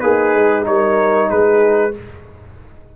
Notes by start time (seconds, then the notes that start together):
0.00 A#3 D#4 G#4 B4
0.34 G#3
0.62 G3 D#4 C#5
0.69 A#4
1.30 G#3 G#4 B4